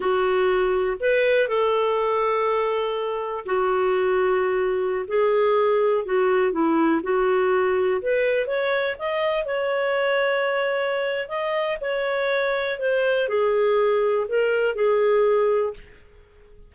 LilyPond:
\new Staff \with { instrumentName = "clarinet" } { \time 4/4 \tempo 4 = 122 fis'2 b'4 a'4~ | a'2. fis'4~ | fis'2~ fis'16 gis'4.~ gis'16~ | gis'16 fis'4 e'4 fis'4.~ fis'16~ |
fis'16 b'4 cis''4 dis''4 cis''8.~ | cis''2. dis''4 | cis''2 c''4 gis'4~ | gis'4 ais'4 gis'2 | }